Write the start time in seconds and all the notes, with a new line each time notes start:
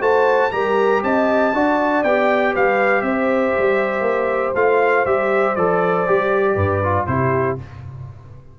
0.00 A3 F#4 C5 A5
0.51 G3 G4 A#4 A#5
1.03 C4 D#5 A5
1.53 D4 F#4 D5
2.03 B3 G4 G5
2.54 G3 B4 F5
3.01 C4 C5 E5
3.58 G3
4.01 A#3
4.55 A3 F4 F5
5.05 G3 G4 E5
5.56 F3 A4 D5
6.07 G3 G4
6.55 G2 B4
6.83 F4
7.06 C3 E4 G4 C5